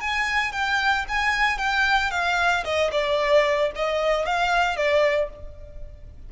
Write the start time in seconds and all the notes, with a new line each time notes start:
0.00 G#5
0.52 G5
1.08 G#5
1.58 G5
2.11 F5
2.64 D#5
2.91 D5
3.76 D#5
4.25 F5
4.76 D5